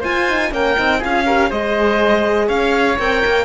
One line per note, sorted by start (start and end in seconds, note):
0.00 0.52 F4
0.00 0.29 F4
0.00 0.49 C5
0.00 0.53 G#5
0.29 0.51 D#4
0.51 0.76 A#3
0.51 0.76 C#4
0.51 0.99 A#4
0.51 1.03 G5
0.77 1.04 C4
0.77 1.01 D#4
0.99 1.51 C#4
0.99 1.25 F4
0.99 1.24 G#4
1.05 1.51 F5
1.26 1.51 G4
1.26 1.50 A#4
1.50 2.49 G#3
1.50 2.99 G#4
1.50 2.47 C5
1.50 2.49 D#5
2.47 2.98 C#4
2.47 3.45 C#5
2.47 2.98 F5
2.99 3.24 C4
2.99 3.45 A#4
2.99 3.45 G5
3.26 3.45 A#3